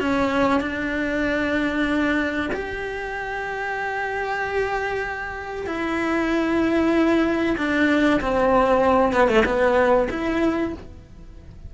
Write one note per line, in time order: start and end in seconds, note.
0.00 0.61 C#4
0.61 2.50 D4
2.53 5.67 G4
5.67 7.57 E4
7.58 8.21 D4
8.22 9.13 C4
9.13 9.28 B3
9.28 9.44 A3
9.46 10.09 B3
10.11 10.74 E4